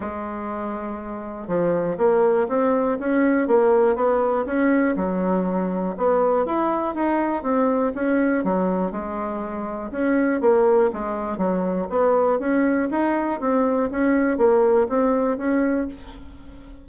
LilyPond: \new Staff \with { instrumentName = "bassoon" } { \time 4/4 \tempo 4 = 121 gis2. f4 | ais4 c'4 cis'4 ais4 | b4 cis'4 fis2 | b4 e'4 dis'4 c'4 |
cis'4 fis4 gis2 | cis'4 ais4 gis4 fis4 | b4 cis'4 dis'4 c'4 | cis'4 ais4 c'4 cis'4 | }